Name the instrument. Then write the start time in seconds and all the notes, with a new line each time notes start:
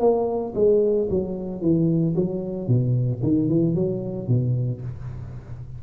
tuba
0.00 A#3
0.55 G#3
1.10 F#3
1.61 E3
2.16 F#3
2.68 B2
3.23 D#3
3.49 E3
3.75 F#3
4.28 B2